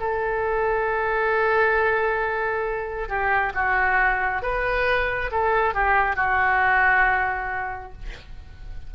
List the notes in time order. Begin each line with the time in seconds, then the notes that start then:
0.00 A4
3.08 G4
3.54 F#4
4.42 B4
5.31 A4
5.74 G4
6.16 F#4